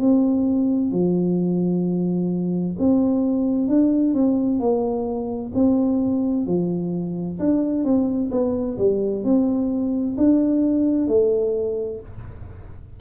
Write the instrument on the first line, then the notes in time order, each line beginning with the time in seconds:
tuba
0.00 C4
0.92 F3
2.79 C4
3.68 D4
4.14 C4
4.60 A#3
5.54 C4
6.47 F3
7.39 D4
7.85 C4
8.32 B3
8.78 G3
9.24 C4
10.17 D4
11.08 A3